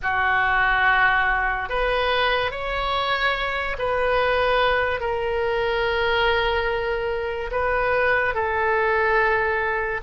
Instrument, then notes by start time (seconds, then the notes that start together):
oboe
0.02 F#4
1.69 B4
2.51 C#5
3.78 B4
5.00 A#4
7.51 B4
8.34 A4